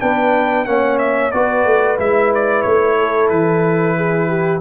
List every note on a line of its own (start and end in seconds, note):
0.00 0.66 B3
0.00 0.66 D4
0.00 0.67 B4
0.00 0.65 G5
0.65 1.32 A#3
0.65 1.32 C#4
0.65 1.35 C#5
0.65 0.98 F#5
0.99 1.32 E5
1.32 1.65 B3
1.32 1.98 F#4
1.32 2.99 B4
1.32 1.98 D5
1.65 1.98 A3
1.98 2.65 G#3
1.98 4.61 E4
1.98 2.33 E5
2.35 2.62 D5
2.62 3.31 A3
2.62 3.28 C#5
2.99 3.97 A4
3.30 4.62 E3
3.30 4.61 B4
3.97 4.29 G#4
4.29 4.62 G4